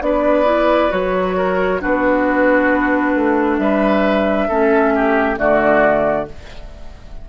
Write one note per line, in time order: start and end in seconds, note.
0.00 0.90 B3
0.00 0.44 D4
0.00 1.36 B4
0.00 0.91 D5
0.44 0.89 E4
0.89 1.81 F#3
0.89 1.79 F#4
0.89 1.81 C#5
1.36 1.81 A#4
1.80 3.15 B3
1.80 4.49 D4
1.80 3.60 F#4
1.80 3.57 B4
3.15 3.58 A3
3.57 4.48 G3
3.57 4.48 B4
3.57 5.37 E5
4.48 5.37 A3
4.48 5.36 C#4
4.48 4.92 A4
4.95 5.39 G4
5.36 6.27 D3
5.36 6.25 A3
5.36 6.28 F#4
5.36 6.28 D5